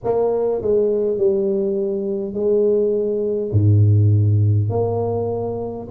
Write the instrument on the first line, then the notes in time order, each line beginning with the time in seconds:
tuba
0.04 A#3
0.61 G#3
1.17 G3
2.33 G#3
3.52 G#2
4.70 A#3